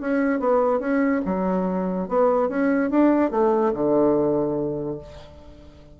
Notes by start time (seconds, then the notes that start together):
0.00 C#4
0.39 B3
0.79 C#4
1.25 F#3
2.08 B3
2.48 C#4
2.90 D4
3.31 A3
3.73 D3